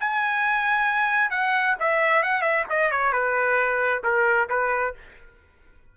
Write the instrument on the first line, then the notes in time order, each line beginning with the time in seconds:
trumpet
0.00 G#5
1.31 F#5
1.80 E5
2.23 F#5
2.42 E5
2.70 D#5
2.91 C#5
3.13 B4
4.04 A#4
4.49 B4